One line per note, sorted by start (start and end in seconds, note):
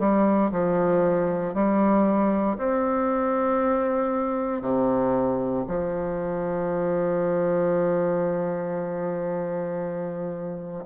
0.00 0.52 G3
0.52 1.55 F3
1.55 2.58 G3
2.58 4.62 C4
4.62 5.66 C3
5.68 10.85 F3